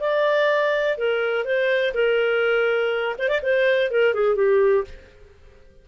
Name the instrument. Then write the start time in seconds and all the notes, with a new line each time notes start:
clarinet
0.00 D5
0.97 A#4
1.45 C5
1.94 A#4
3.18 C5
3.28 D5
3.42 C5
3.91 A#4
4.14 G#4
4.35 G4